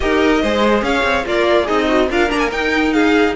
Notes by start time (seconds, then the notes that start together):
0.00 D#4 G4 A#4 D#5
0.42 G#3 G#4 C5
0.82 C#4 C#5 F5
1.03 C4
1.25 A#3 F4 A#4 D5
1.63 C4 D#4 G#4 D#5
1.87 F#4
2.10 D4 F4 A#4 F5
2.28 A#3 D4 A#5
2.39 G#5
2.51 D#4 G5
2.92 G#4 F5